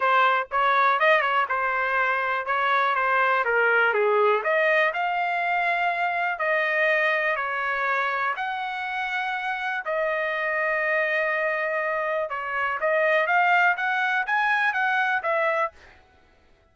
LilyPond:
\new Staff \with { instrumentName = "trumpet" } { \time 4/4 \tempo 4 = 122 c''4 cis''4 dis''8 cis''8 c''4~ | c''4 cis''4 c''4 ais'4 | gis'4 dis''4 f''2~ | f''4 dis''2 cis''4~ |
cis''4 fis''2. | dis''1~ | dis''4 cis''4 dis''4 f''4 | fis''4 gis''4 fis''4 e''4 | }